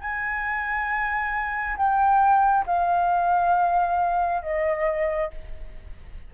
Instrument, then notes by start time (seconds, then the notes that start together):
flute
0.00 G#5
1.76 G5
2.66 F5
4.42 D#5